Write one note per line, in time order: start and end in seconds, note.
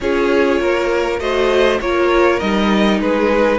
0.00 0.60 C#4
0.00 1.19 F4
0.00 0.60 G#4
0.00 1.19 C#5
0.60 1.19 A#3
0.60 1.20 A#4
1.19 1.79 A3
1.19 1.79 F#4
1.19 1.80 C5
1.19 1.79 D#5
1.80 2.40 A#3
1.80 2.40 F4
1.80 3.01 A#4
1.80 2.39 C#5
2.39 3.00 G3
2.39 3.58 D#4
2.39 2.99 D#5
3.00 3.58 G#3
3.00 3.58 G#4
3.00 3.58 B4